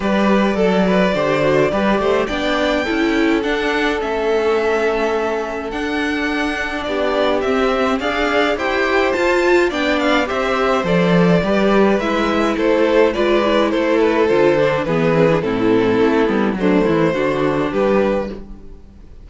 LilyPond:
<<
  \new Staff \with { instrumentName = "violin" } { \time 4/4 \tempo 4 = 105 d''1 | g''2 fis''4 e''4~ | e''2 fis''2 | d''4 e''4 f''4 g''4 |
a''4 g''8 f''8 e''4 d''4~ | d''4 e''4 c''4 d''4 | c''8 b'8 c''4 b'4 a'4~ | a'4 c''2 b'4 | }
  \new Staff \with { instrumentName = "violin" } { \time 4/4 b'4 a'8 b'8 c''4 b'8 c''8 | d''4 a'2.~ | a'1 | g'2 d''4 c''4~ |
c''4 d''4 c''2 | b'2 a'4 b'4 | a'2 gis'4 e'4~ | e'4 d'8 e'8 fis'4 g'4 | }
  \new Staff \with { instrumentName = "viola" } { \time 4/4 g'4 a'4 g'8 fis'8 g'4 | d'4 e'4 d'4 cis'4~ | cis'2 d'2~ | d'4 c'4 gis'4 g'4 |
f'4 d'4 g'4 a'4 | g'4 e'2 f'8 e'8~ | e'4 f'8 d'8 b8 c'16 d'16 c'4~ | c'8 b8 a4 d'2 | }
  \new Staff \with { instrumentName = "cello" } { \time 4/4 g4 fis4 d4 g8 a8 | b4 cis'4 d'4 a4~ | a2 d'2 | b4 c'4 d'4 e'4 |
f'4 b4 c'4 f4 | g4 gis4 a4 gis4 | a4 d4 e4 a,4 | a8 g8 fis8 e8 d4 g4 | }
>>